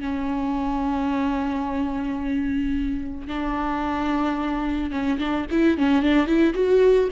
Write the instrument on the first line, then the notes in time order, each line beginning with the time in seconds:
viola
0.00 C#4
3.27 D4
4.90 C#4
5.18 D4
5.51 E4
5.77 C#4
6.02 D4
6.26 E4
6.54 F#4